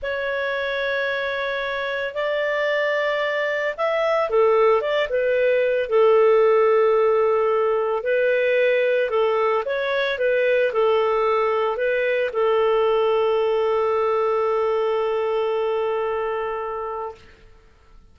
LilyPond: \new Staff \with { instrumentName = "clarinet" } { \time 4/4 \tempo 4 = 112 cis''1 | d''2. e''4 | a'4 d''8 b'4. a'4~ | a'2. b'4~ |
b'4 a'4 cis''4 b'4 | a'2 b'4 a'4~ | a'1~ | a'1 | }